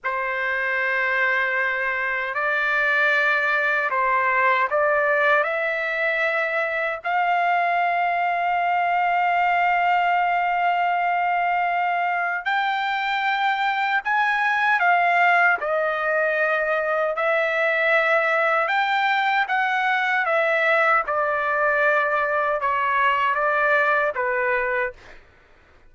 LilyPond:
\new Staff \with { instrumentName = "trumpet" } { \time 4/4 \tempo 4 = 77 c''2. d''4~ | d''4 c''4 d''4 e''4~ | e''4 f''2.~ | f''1 |
g''2 gis''4 f''4 | dis''2 e''2 | g''4 fis''4 e''4 d''4~ | d''4 cis''4 d''4 b'4 | }